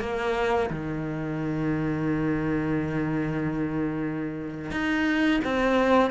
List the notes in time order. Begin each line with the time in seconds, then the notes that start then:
0.00 A#3
0.70 D#3
4.71 D#4
5.44 C4